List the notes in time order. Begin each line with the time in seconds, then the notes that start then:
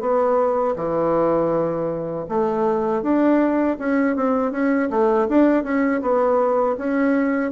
0.00 B3
0.75 E3
2.28 A3
3.02 D4
3.78 C#4
4.16 C4
4.51 C#4
4.90 A3
5.28 D4
5.63 C#4
6.01 B3
6.77 C#4